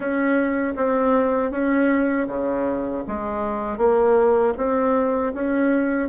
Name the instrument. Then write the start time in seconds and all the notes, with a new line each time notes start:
bassoon
0.00 C#4
0.76 C4
1.51 C#4
2.27 C#3
3.07 G#3
3.77 A#3
4.57 C4
5.34 C#4